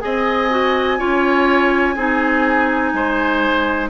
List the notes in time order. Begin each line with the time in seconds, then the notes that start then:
0.00 C4 G#4 D#5 G#5
0.50 F#4
0.98 C#4 F4 C#5
1.95 C4 D#4 G#4
2.93 G#3 C5